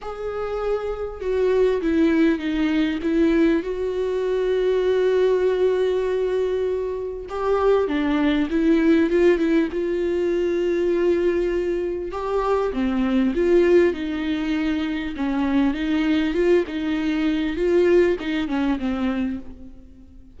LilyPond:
\new Staff \with { instrumentName = "viola" } { \time 4/4 \tempo 4 = 99 gis'2 fis'4 e'4 | dis'4 e'4 fis'2~ | fis'1 | g'4 d'4 e'4 f'8 e'8 |
f'1 | g'4 c'4 f'4 dis'4~ | dis'4 cis'4 dis'4 f'8 dis'8~ | dis'4 f'4 dis'8 cis'8 c'4 | }